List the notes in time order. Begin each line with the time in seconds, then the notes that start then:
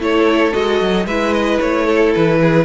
0.00 A3 E4 A4 C#5
0.52 G#3 F#4 D#5
0.82 F#3
1.06 G#3 E4 B4 E5
1.34 D#5
1.61 A3 C#5
1.87 A4
2.15 E3 B4
2.41 G#4